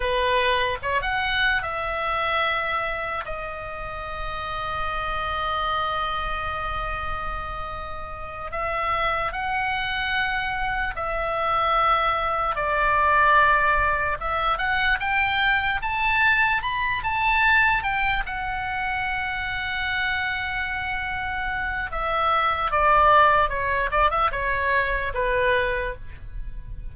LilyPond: \new Staff \with { instrumentName = "oboe" } { \time 4/4 \tempo 4 = 74 b'4 cis''16 fis''8. e''2 | dis''1~ | dis''2~ dis''8 e''4 fis''8~ | fis''4. e''2 d''8~ |
d''4. e''8 fis''8 g''4 a''8~ | a''8 b''8 a''4 g''8 fis''4.~ | fis''2. e''4 | d''4 cis''8 d''16 e''16 cis''4 b'4 | }